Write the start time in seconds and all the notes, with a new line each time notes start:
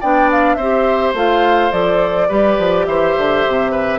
0.00 B3 D4 D5 G5
0.31 F5
0.55 C4 C5 E5
0.61 G4
1.14 A3 F4 F5
1.71 F3 A4 D5
2.28 G3 G4 B4
2.58 F3
2.86 E3 C5 E5
3.18 D3
3.47 C3
3.71 B4